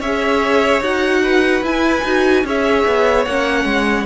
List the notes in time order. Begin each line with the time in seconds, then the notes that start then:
0.00 C#4 G#4 C#5 E5
0.81 D#4 F#4 F#5
1.22 B4
1.62 E4 G#5
2.04 D#4 F#4
2.44 C#4 G#4 C#5 E5
2.87 B3
3.25 A#3 C#4 F#5
3.65 G#3